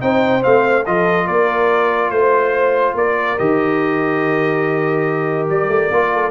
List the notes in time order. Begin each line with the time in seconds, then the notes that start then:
0.00 C4 D#4 C5 G5
0.41 A3 C4 F5
0.85 F3 F4 A4 D#5
1.26 A#3 A#4 D5
2.10 A3 C5
2.94 A#3 A#4 D5
3.38 D#3 G4 D#5
5.49 G3 D5
5.68 A3
5.90 A#3 F4
6.13 A4